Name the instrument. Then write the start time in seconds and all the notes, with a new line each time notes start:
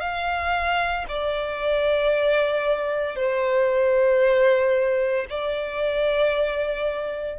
violin
0.00 F5
1.09 D5
3.15 C5
5.30 D5